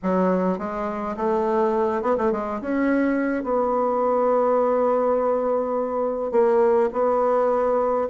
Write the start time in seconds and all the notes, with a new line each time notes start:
0.02 F#3
0.58 G#3
1.16 A3
2.02 B3
2.17 A3
2.32 G#3
2.61 C#4
3.43 B3
6.31 A#3
6.92 B3